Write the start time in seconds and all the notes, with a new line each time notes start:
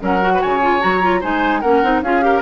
0.00 F#3 C#4 A#4 F#5
0.21 F#4
0.34 B4
0.42 C#3 C#5 G#5
0.62 F4
0.80 F#3 F#4 A#5
1.02 F4
1.20 G#3 D#4 C5 G#5
1.61 A#3 C#4 A#4 F#5
1.83 C4 D#4
2.02 C#4 F4 G#4 F5
2.22 G4 A#4